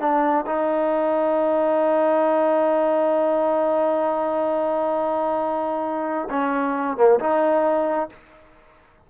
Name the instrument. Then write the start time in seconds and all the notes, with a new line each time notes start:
trombone
0.00 D4
0.46 D#4
6.30 C#4
6.97 A#3
7.20 D#4